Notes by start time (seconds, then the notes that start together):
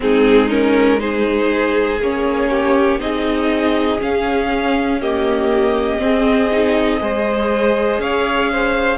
0.00 G#3 C4 D#4 G#4
0.49 C#4 A#4
0.98 D#4 G#4 C5
1.99 A#3 C#4 C#5
2.50 G4
2.99 C4 D#4 G#4 D#5
4.00 C#4 F5
5.00 A#3 G4 D#5
5.98 C4 G#4
6.51 D#4
6.99 G#3 G#4 C5
7.98 C#4 C#5 F5
8.51 C5